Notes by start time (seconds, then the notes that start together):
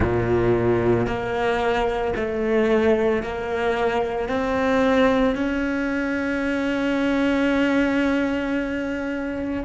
0.00 A#2
1.06 A#3
2.16 A3
3.22 A#3
4.29 C4
5.35 C#4